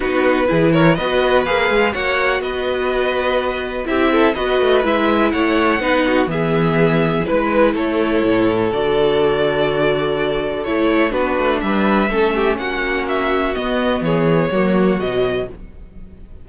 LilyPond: <<
  \new Staff \with { instrumentName = "violin" } { \time 4/4 \tempo 4 = 124 b'4. cis''8 dis''4 f''4 | fis''4 dis''2. | e''4 dis''4 e''4 fis''4~ | fis''4 e''2 b'4 |
cis''2 d''2~ | d''2 cis''4 b'4 | e''2 fis''4 e''4 | dis''4 cis''2 dis''4 | }
  \new Staff \with { instrumentName = "violin" } { \time 4/4 fis'4 gis'8 ais'8 b'2 | cis''4 b'2. | g'8 a'8 b'2 cis''4 | b'8 fis'8 gis'2 b'4 |
a'1~ | a'2. fis'4 | b'4 a'8 g'8 fis'2~ | fis'4 gis'4 fis'2 | }
  \new Staff \with { instrumentName = "viola" } { \time 4/4 dis'4 e'4 fis'4 gis'4 | fis'1 | e'4 fis'4 e'2 | dis'4 b2 e'4~ |
e'2 fis'2~ | fis'2 e'4 d'4~ | d'4 cis'2. | b2 ais4 fis4 | }
  \new Staff \with { instrumentName = "cello" } { \time 4/4 b4 e4 b4 ais8 gis8 | ais4 b2. | c'4 b8 a8 gis4 a4 | b4 e2 gis4 |
a4 a,4 d2~ | d2 a4 b8 a8 | g4 a4 ais2 | b4 e4 fis4 b,4 | }
>>